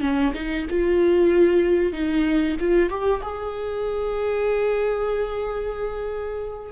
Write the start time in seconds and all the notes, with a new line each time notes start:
0.00 C#4
0.34 D#4
0.70 F4
1.92 D#4
2.60 F4
2.89 G4
3.22 G#4